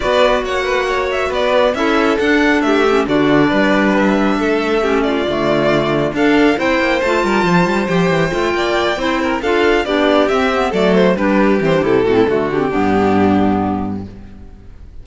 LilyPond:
<<
  \new Staff \with { instrumentName = "violin" } { \time 4/4 \tempo 4 = 137 d''4 fis''4. e''8 d''4 | e''4 fis''4 e''4 d''4~ | d''4 e''2~ e''8 d''8~ | d''2 f''4 g''4 |
a''2 g''2~ | g''4. f''4 d''4 e''8~ | e''8 d''8 c''8 b'4 c''8 a'4~ | a'8 g'2.~ g'8 | }
  \new Staff \with { instrumentName = "violin" } { \time 4/4 b'4 cis''8 b'8 cis''4 b'4 | a'2 g'4 fis'4 | b'2 a'4 g'8 f'8~ | f'2 a'4 c''4~ |
c''8 ais'8 c''2~ c''8 d''8~ | d''8 c''8 ais'8 a'4 g'4.~ | g'8 a'4 g'2 fis'16 e'16 | fis'4 d'2. | }
  \new Staff \with { instrumentName = "clarinet" } { \time 4/4 fis'1 | e'4 d'4. cis'8 d'4~ | d'2. cis'4 | a2 d'4 e'4 |
f'2 g'4 f'4~ | f'8 e'4 f'4 d'4 c'8 | b8 a4 d'4 c'16 d'16 e'8 c'8 | a8 d'16 c'16 b2. | }
  \new Staff \with { instrumentName = "cello" } { \time 4/4 b4 ais2 b4 | cis'4 d'4 a4 d4 | g2 a2 | d2 d'4 c'8 ais8 |
a8 g8 f8 g8 f8 e8 a8 ais8~ | ais8 c'4 d'4 b4 c'8~ | c'8 fis4 g4 e8 c8 a,8 | d4 g,2. | }
>>